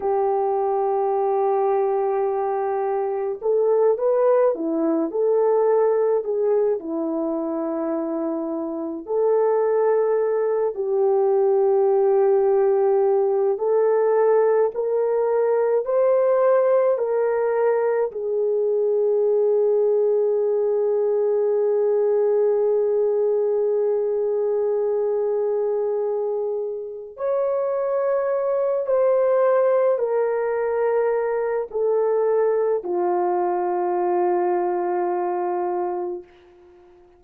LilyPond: \new Staff \with { instrumentName = "horn" } { \time 4/4 \tempo 4 = 53 g'2. a'8 b'8 | e'8 a'4 gis'8 e'2 | a'4. g'2~ g'8 | a'4 ais'4 c''4 ais'4 |
gis'1~ | gis'1 | cis''4. c''4 ais'4. | a'4 f'2. | }